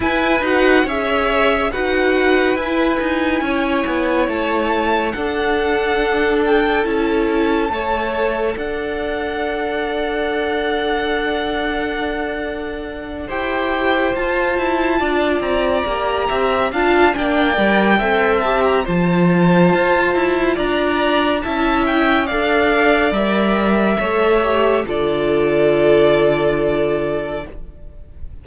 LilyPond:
<<
  \new Staff \with { instrumentName = "violin" } { \time 4/4 \tempo 4 = 70 gis''8 fis''8 e''4 fis''4 gis''4~ | gis''4 a''4 fis''4. g''8 | a''2 fis''2~ | fis''2.~ fis''8 g''8~ |
g''8 a''4. ais''4. a''8 | g''4. a''16 ais''16 a''2 | ais''4 a''8 g''8 f''4 e''4~ | e''4 d''2. | }
  \new Staff \with { instrumentName = "violin" } { \time 4/4 b'4 cis''4 b'2 | cis''2 a'2~ | a'4 cis''4 d''2~ | d''2.~ d''8 c''8~ |
c''4. d''4. e''8 f''8 | d''4 e''4 c''2 | d''4 e''4 d''2 | cis''4 a'2. | }
  \new Staff \with { instrumentName = "viola" } { \time 4/4 e'8 fis'8 gis'4 fis'4 e'4~ | e'2 d'2 | e'4 a'2.~ | a'2.~ a'8 g'8~ |
g'8 f'2 g'4 f'8 | d'8 ais'8 a'8 g'8 f'2~ | f'4 e'4 a'4 ais'4 | a'8 g'8 f'2. | }
  \new Staff \with { instrumentName = "cello" } { \time 4/4 e'8 dis'8 cis'4 dis'4 e'8 dis'8 | cis'8 b8 a4 d'2 | cis'4 a4 d'2~ | d'2.~ d'8 e'8~ |
e'8 f'8 e'8 d'8 c'8 ais8 c'8 d'8 | ais8 g8 c'4 f4 f'8 e'8 | d'4 cis'4 d'4 g4 | a4 d2. | }
>>